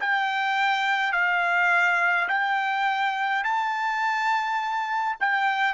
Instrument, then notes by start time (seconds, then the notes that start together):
trumpet
0.00 G5
1.13 F5
2.29 G5
3.45 A5
5.21 G5